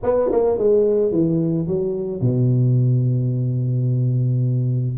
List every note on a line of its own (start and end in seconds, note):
0.03 0.31 B3
0.31 0.58 A#3
0.58 1.11 G#3
1.11 1.67 E3
1.67 2.21 F#3
2.21 4.97 B2